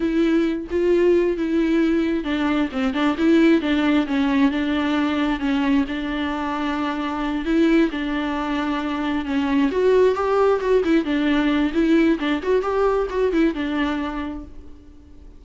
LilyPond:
\new Staff \with { instrumentName = "viola" } { \time 4/4 \tempo 4 = 133 e'4. f'4. e'4~ | e'4 d'4 c'8 d'8 e'4 | d'4 cis'4 d'2 | cis'4 d'2.~ |
d'8 e'4 d'2~ d'8~ | d'8 cis'4 fis'4 g'4 fis'8 | e'8 d'4. e'4 d'8 fis'8 | g'4 fis'8 e'8 d'2 | }